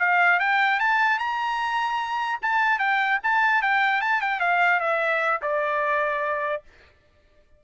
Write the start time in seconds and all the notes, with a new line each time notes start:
0.00 F5
0.40 G5
0.80 A5
1.19 A#5
2.42 A5
2.79 G5
3.24 A5
3.63 G5
4.02 A5
4.22 G5
4.40 F5
4.81 E5
5.42 D5